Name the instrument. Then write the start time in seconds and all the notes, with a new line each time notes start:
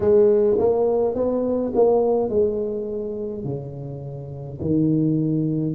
tuba
0.00 G#3
0.58 A#3
1.14 B3
1.75 A#3
2.29 G#3
3.44 C#3
4.60 D#3